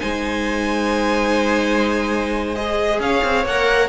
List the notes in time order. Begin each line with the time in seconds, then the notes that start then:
0.00 G#3 D#4 C5 G#5
2.55 G#4 D#5
3.00 C#4 C#5 F5
3.24 C4
3.45 A#3 A#4 F#5